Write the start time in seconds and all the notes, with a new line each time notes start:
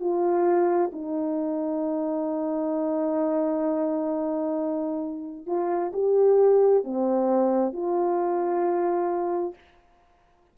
0.00 F4
0.92 D#4
5.46 F4
5.93 G4
6.84 C4
7.73 F4